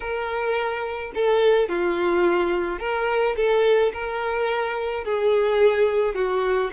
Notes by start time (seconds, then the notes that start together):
0.00 A#4
1.14 A4
1.68 F4
2.79 A#4
3.36 A4
3.93 A#4
5.04 G#4
6.14 F#4